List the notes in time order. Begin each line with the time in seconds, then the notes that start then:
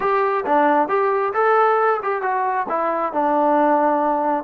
0.00 G4
0.45 D4
0.88 G4
1.33 A4
2.02 G4
2.22 F#4
2.68 E4
3.12 D4